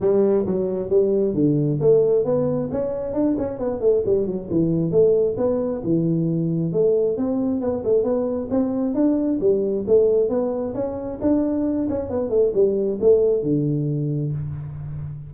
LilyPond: \new Staff \with { instrumentName = "tuba" } { \time 4/4 \tempo 4 = 134 g4 fis4 g4 d4 | a4 b4 cis'4 d'8 cis'8 | b8 a8 g8 fis8 e4 a4 | b4 e2 a4 |
c'4 b8 a8 b4 c'4 | d'4 g4 a4 b4 | cis'4 d'4. cis'8 b8 a8 | g4 a4 d2 | }